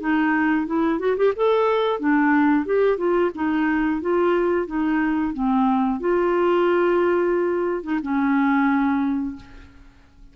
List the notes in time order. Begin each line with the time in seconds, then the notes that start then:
0.00 D#4
0.66 E4
0.99 F#4
1.17 G4
1.36 A4
2.00 D4
2.65 G4
2.98 F4
3.35 D#4
4.01 F4
4.67 D#4
5.34 C4
6.00 F4
7.83 D#4
8.02 C#4